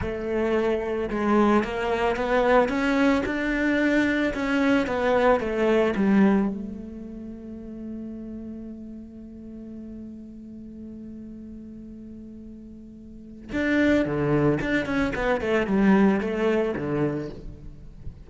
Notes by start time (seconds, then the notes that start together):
0.01 A3
1.10 G#3
1.64 A#3
2.16 B3
2.68 C#4
3.25 D4
4.34 C#4
4.86 B3
5.40 A3
5.96 G3
6.49 A3
13.52 D4
14.05 D3
14.60 D4
14.85 C#4
15.15 B3
15.40 A3
15.67 G3
16.20 A3
16.76 D3